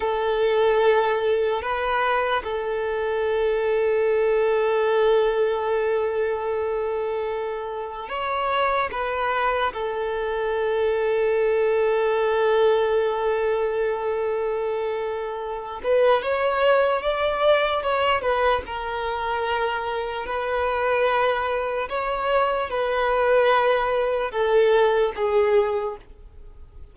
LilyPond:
\new Staff \with { instrumentName = "violin" } { \time 4/4 \tempo 4 = 74 a'2 b'4 a'4~ | a'1~ | a'2 cis''4 b'4 | a'1~ |
a'2.~ a'8 b'8 | cis''4 d''4 cis''8 b'8 ais'4~ | ais'4 b'2 cis''4 | b'2 a'4 gis'4 | }